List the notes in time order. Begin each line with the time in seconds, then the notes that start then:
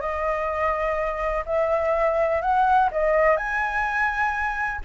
0.00 D#5
1.45 E5
2.41 F#5
2.91 D#5
3.36 G#5